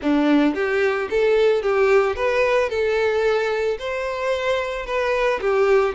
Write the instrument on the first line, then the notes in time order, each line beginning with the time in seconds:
violin
0.01 D4
0.54 G4
1.10 A4
1.62 G4
2.15 B4
2.69 A4
3.78 C5
4.86 B4
5.40 G4